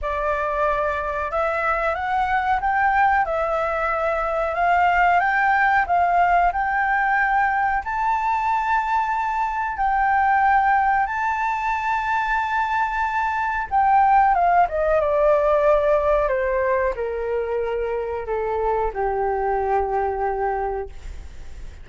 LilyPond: \new Staff \with { instrumentName = "flute" } { \time 4/4 \tempo 4 = 92 d''2 e''4 fis''4 | g''4 e''2 f''4 | g''4 f''4 g''2 | a''2. g''4~ |
g''4 a''2.~ | a''4 g''4 f''8 dis''8 d''4~ | d''4 c''4 ais'2 | a'4 g'2. | }